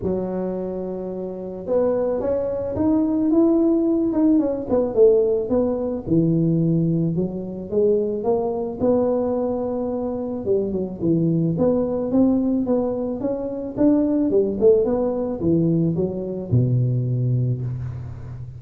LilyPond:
\new Staff \with { instrumentName = "tuba" } { \time 4/4 \tempo 4 = 109 fis2. b4 | cis'4 dis'4 e'4. dis'8 | cis'8 b8 a4 b4 e4~ | e4 fis4 gis4 ais4 |
b2. g8 fis8 | e4 b4 c'4 b4 | cis'4 d'4 g8 a8 b4 | e4 fis4 b,2 | }